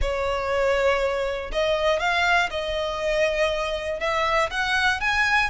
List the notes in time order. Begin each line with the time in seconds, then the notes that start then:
0.01 C#5
1.52 D#5
1.99 F5
2.50 D#5
4.00 E5
4.50 F#5
5.00 G#5